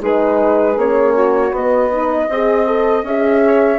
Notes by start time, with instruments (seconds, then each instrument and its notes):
0.00 bassoon G#3, horn D#4, saxophone G#4, flute B4
0.76 bassoon A#3, horn C#4, flute C#5
1.14 saxophone F#4
1.51 bassoon B3, horn B3, flute D#5
1.92 horn D#4, saxophone B4
2.29 bassoon C4, horn G#4, saxophone D#5
2.66 horn A4
3.03 bassoon C#4, horn G#4, flute E5
3.45 saxophone C#5